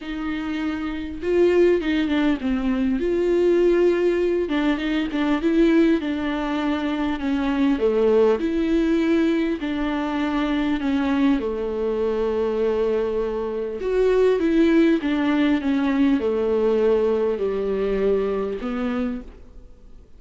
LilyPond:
\new Staff \with { instrumentName = "viola" } { \time 4/4 \tempo 4 = 100 dis'2 f'4 dis'8 d'8 | c'4 f'2~ f'8 d'8 | dis'8 d'8 e'4 d'2 | cis'4 a4 e'2 |
d'2 cis'4 a4~ | a2. fis'4 | e'4 d'4 cis'4 a4~ | a4 g2 b4 | }